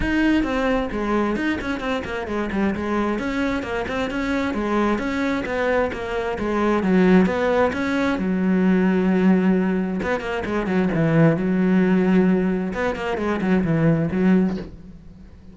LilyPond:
\new Staff \with { instrumentName = "cello" } { \time 4/4 \tempo 4 = 132 dis'4 c'4 gis4 dis'8 cis'8 | c'8 ais8 gis8 g8 gis4 cis'4 | ais8 c'8 cis'4 gis4 cis'4 | b4 ais4 gis4 fis4 |
b4 cis'4 fis2~ | fis2 b8 ais8 gis8 fis8 | e4 fis2. | b8 ais8 gis8 fis8 e4 fis4 | }